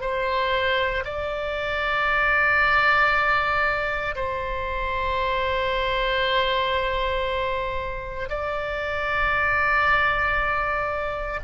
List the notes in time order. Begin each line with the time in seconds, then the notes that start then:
0.00 C5
1.04 D5
4.15 C5
8.29 D5